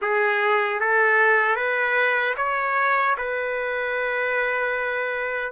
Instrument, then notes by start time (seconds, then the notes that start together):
trumpet
0.01 G#4
0.80 A4
1.56 B4
2.36 C#5
3.17 B4